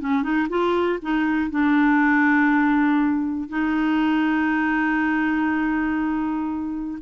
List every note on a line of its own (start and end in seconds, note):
0.00 0.22 C#4
0.22 0.47 D#4
0.49 0.99 F4
1.02 1.50 D#4
1.50 3.48 D4
3.48 6.98 D#4